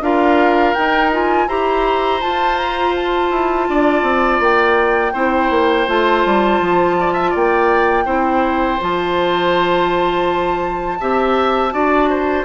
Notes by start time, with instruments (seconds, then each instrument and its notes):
0.00 bassoon D4, clarinet F4, oboe A#4, flute F5
0.74 clarinet D#4, bassoon D#4, flute G5
1.12 clarinet F4, flute G#5
1.47 bassoon E4, clarinet G4, oboe C5, flute A#5
2.20 clarinet F4, bassoon F4, flute A5
2.56 flute A#5
2.95 flute A5
3.30 bassoon E4
3.69 bassoon D4, oboe D5
4.02 bassoon C4
4.39 bassoon A#3, flute G5
5.13 bassoon C4, clarinet E4, oboe C5
5.50 bassoon A#3
5.87 bassoon A3, clarinet F4, flute A5
6.25 bassoon G3
6.60 bassoon F3
7.00 oboe D5
7.13 oboe E5
7.30 bassoon A#3, oboe D5, flute G5
8.05 bassoon C4, clarinet E4, oboe C5
8.80 bassoon F3, clarinet F4, flute A5
11.00 bassoon C4, clarinet G4, oboe E5
11.71 bassoon D4, clarinet F#4, oboe D5
12.09 oboe C5